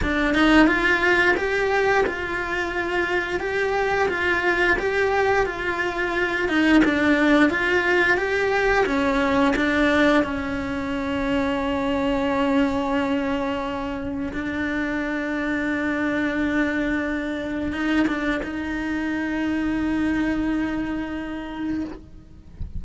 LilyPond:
\new Staff \with { instrumentName = "cello" } { \time 4/4 \tempo 4 = 88 d'8 dis'8 f'4 g'4 f'4~ | f'4 g'4 f'4 g'4 | f'4. dis'8 d'4 f'4 | g'4 cis'4 d'4 cis'4~ |
cis'1~ | cis'4 d'2.~ | d'2 dis'8 d'8 dis'4~ | dis'1 | }